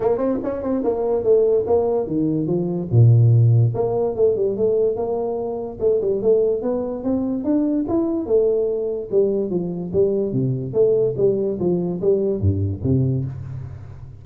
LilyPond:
\new Staff \with { instrumentName = "tuba" } { \time 4/4 \tempo 4 = 145 ais8 c'8 cis'8 c'8 ais4 a4 | ais4 dis4 f4 ais,4~ | ais,4 ais4 a8 g8 a4 | ais2 a8 g8 a4 |
b4 c'4 d'4 e'4 | a2 g4 f4 | g4 c4 a4 g4 | f4 g4 g,4 c4 | }